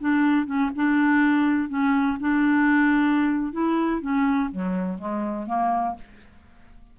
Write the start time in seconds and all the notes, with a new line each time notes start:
0.00 D4
0.46 C#4
0.76 D4
1.69 C#4
2.20 D4
3.53 E4
4.01 C#4
4.51 F#3
4.99 G#3
5.46 A#3